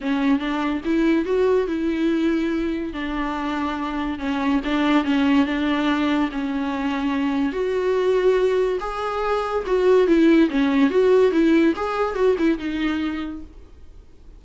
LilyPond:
\new Staff \with { instrumentName = "viola" } { \time 4/4 \tempo 4 = 143 cis'4 d'4 e'4 fis'4 | e'2. d'4~ | d'2 cis'4 d'4 | cis'4 d'2 cis'4~ |
cis'2 fis'2~ | fis'4 gis'2 fis'4 | e'4 cis'4 fis'4 e'4 | gis'4 fis'8 e'8 dis'2 | }